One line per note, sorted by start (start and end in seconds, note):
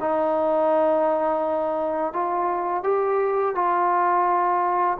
0.00 2.13 D#4
2.13 2.83 F4
2.83 3.55 G4
3.55 4.98 F4